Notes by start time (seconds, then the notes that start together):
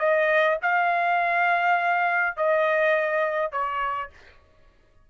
0.00 D#5
0.63 F5
2.37 D#5
3.52 C#5